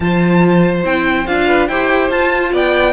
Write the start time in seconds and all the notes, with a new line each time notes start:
0.00 F3 F4 C5 A5
0.83 C4 E4 G5
1.26 D4 F4 F5
1.47 B4
1.68 E4 G4 C5 G5
2.10 F4 A5
2.53 B3 D5 G5